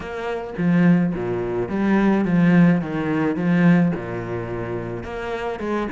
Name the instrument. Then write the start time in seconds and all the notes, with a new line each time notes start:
cello
0.00 A#3
0.57 F3
1.14 A#2
1.68 G3
2.25 F3
2.81 D#3
3.36 F3
3.95 A#2
5.03 A#3
5.59 G#3